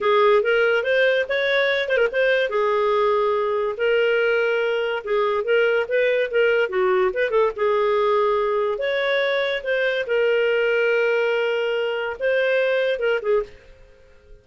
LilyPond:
\new Staff \with { instrumentName = "clarinet" } { \time 4/4 \tempo 4 = 143 gis'4 ais'4 c''4 cis''4~ | cis''8 c''16 ais'16 c''4 gis'2~ | gis'4 ais'2. | gis'4 ais'4 b'4 ais'4 |
fis'4 b'8 a'8 gis'2~ | gis'4 cis''2 c''4 | ais'1~ | ais'4 c''2 ais'8 gis'8 | }